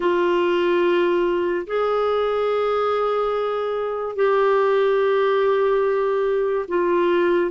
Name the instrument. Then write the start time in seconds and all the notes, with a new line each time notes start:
clarinet
0.00 F4
1.66 G#4
4.15 G4
6.68 F4